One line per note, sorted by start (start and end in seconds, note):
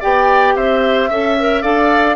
0.00 0.56 B3
0.00 1.10 G4
0.00 0.54 D5
0.00 0.56 G5
0.56 1.09 C4
0.56 1.09 C5
0.56 1.62 E5
1.09 1.63 C#4
1.09 1.38 A4
1.09 1.62 E5
1.39 1.63 A#4
1.62 2.16 D4
1.62 2.16 A4
1.62 2.16 D5
1.62 2.16 F5